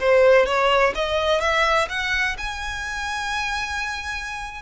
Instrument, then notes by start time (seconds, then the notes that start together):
violin
0.00 C5
0.46 C#5
0.95 D#5
1.41 E5
1.89 F#5
2.38 G#5